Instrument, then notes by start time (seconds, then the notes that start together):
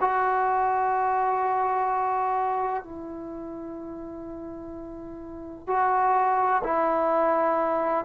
trombone
0.00 F#4
2.83 E4
5.67 F#4
6.63 E4